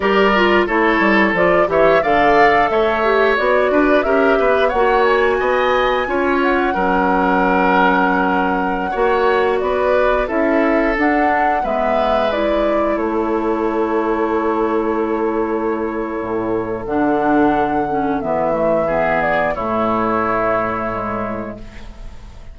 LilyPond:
<<
  \new Staff \with { instrumentName = "flute" } { \time 4/4 \tempo 4 = 89 d''4 cis''4 d''8 e''8 f''4 | e''4 d''4 e''4 fis''8 gis''8~ | gis''4. fis''2~ fis''8~ | fis''2~ fis''16 d''4 e''8.~ |
e''16 fis''4 e''4 d''4 cis''8.~ | cis''1~ | cis''4 fis''2 e''4~ | e''8 d''8 cis''2. | }
  \new Staff \with { instrumentName = "oboe" } { \time 4/4 ais'4 a'4. cis''8 d''4 | cis''4. b'8 ais'8 b'8 cis''4 | dis''4 cis''4 ais'2~ | ais'4~ ais'16 cis''4 b'4 a'8.~ |
a'4~ a'16 b'2 a'8.~ | a'1~ | a'1 | gis'4 e'2. | }
  \new Staff \with { instrumentName = "clarinet" } { \time 4/4 g'8 f'8 e'4 f'8 g'8 a'4~ | a'8 g'8 fis'4 g'4 fis'4~ | fis'4 f'4 cis'2~ | cis'4~ cis'16 fis'2 e'8.~ |
e'16 d'4 b4 e'4.~ e'16~ | e'1~ | e'4 d'4. cis'8 b8 a8 | b4 a2 gis4 | }
  \new Staff \with { instrumentName = "bassoon" } { \time 4/4 g4 a8 g8 f8 e8 d4 | a4 b8 d'8 cis'8 b8 ais4 | b4 cis'4 fis2~ | fis4~ fis16 ais4 b4 cis'8.~ |
cis'16 d'4 gis2 a8.~ | a1 | a,4 d2 e4~ | e4 a,2. | }
>>